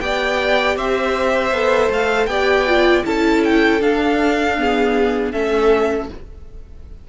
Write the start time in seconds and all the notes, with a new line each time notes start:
0.00 B3 G4 D5 G5
0.76 C4 C5 E5
1.51 B3 A4
1.90 A3 F5
2.26 B3 G4 D5 G5
2.67 F4
3.04 C#4 E4 A4 A5
3.43 G5
3.80 D4 F5
4.57 B3 G#4
5.31 A3 C#4 A4 E5